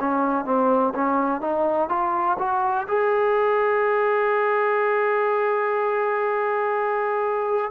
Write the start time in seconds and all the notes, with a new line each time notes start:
0.00 C#4
0.46 C4
0.95 C#4
1.41 D#4
1.90 F4
2.39 F#4
2.88 G#4